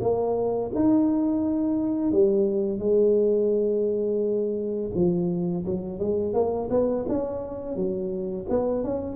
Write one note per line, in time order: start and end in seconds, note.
0.00 0.71 A#3
0.74 2.11 D#4
2.11 2.79 G3
2.79 4.90 G#3
4.94 5.65 F3
5.65 5.99 F#3
5.99 6.33 G#3
6.33 6.68 A#3
6.70 7.05 B3
7.08 7.75 C#4
7.75 8.46 F#3
8.49 8.84 B3
8.84 9.16 C#4